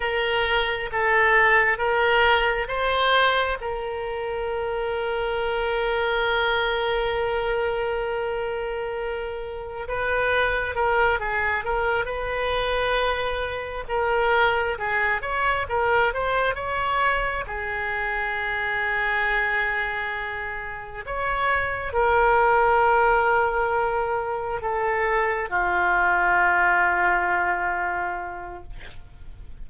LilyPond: \new Staff \with { instrumentName = "oboe" } { \time 4/4 \tempo 4 = 67 ais'4 a'4 ais'4 c''4 | ais'1~ | ais'2. b'4 | ais'8 gis'8 ais'8 b'2 ais'8~ |
ais'8 gis'8 cis''8 ais'8 c''8 cis''4 gis'8~ | gis'2.~ gis'8 cis''8~ | cis''8 ais'2. a'8~ | a'8 f'2.~ f'8 | }